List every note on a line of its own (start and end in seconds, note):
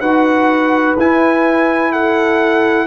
0.00 0.96 D#4
0.00 0.97 F#4
0.00 1.91 B4
0.00 0.95 F#5
0.97 2.87 E4
0.97 1.92 G#5
1.92 2.87 A4
1.92 2.87 F#5